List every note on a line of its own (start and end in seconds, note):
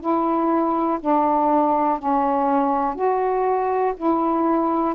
0.00 0.98 E4
1.01 1.99 D4
1.99 2.95 C#4
2.95 3.93 F#4
3.97 4.94 E4